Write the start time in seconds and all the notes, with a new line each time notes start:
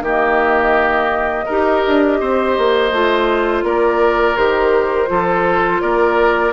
0.00 D#3 A#3 G4 D#5
1.45 D#4 G4 A#4
1.86 D4
2.20 C4 C5
2.57 A#3
2.91 A3 F4
3.63 A#3 A#4 D5
4.36 D#3 G4 C5
5.07 F3 F4 A4
5.81 A#3 A#4 D5